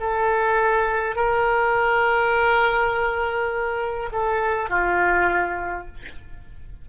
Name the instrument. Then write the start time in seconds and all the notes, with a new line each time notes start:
oboe
0.00 A4
1.16 A#4
4.12 A4
4.70 F4